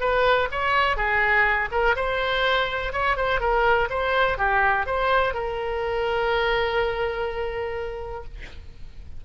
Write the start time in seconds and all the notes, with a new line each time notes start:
0.00 B4
0.51 C#5
0.97 G#4
1.71 A#4
1.96 C5
2.92 C#5
3.16 C5
3.40 A#4
3.90 C5
4.38 G4
4.86 C5
5.34 A#4